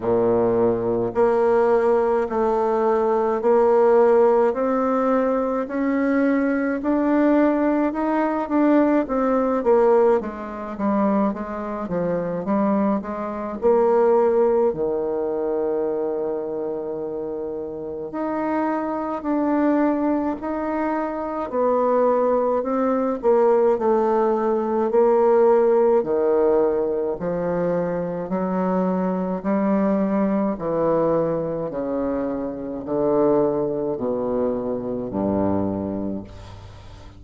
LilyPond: \new Staff \with { instrumentName = "bassoon" } { \time 4/4 \tempo 4 = 53 ais,4 ais4 a4 ais4 | c'4 cis'4 d'4 dis'8 d'8 | c'8 ais8 gis8 g8 gis8 f8 g8 gis8 | ais4 dis2. |
dis'4 d'4 dis'4 b4 | c'8 ais8 a4 ais4 dis4 | f4 fis4 g4 e4 | cis4 d4 b,4 g,4 | }